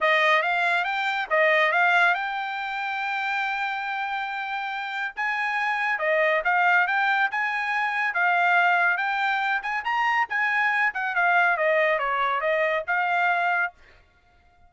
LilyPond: \new Staff \with { instrumentName = "trumpet" } { \time 4/4 \tempo 4 = 140 dis''4 f''4 g''4 dis''4 | f''4 g''2.~ | g''1 | gis''2 dis''4 f''4 |
g''4 gis''2 f''4~ | f''4 g''4. gis''8 ais''4 | gis''4. fis''8 f''4 dis''4 | cis''4 dis''4 f''2 | }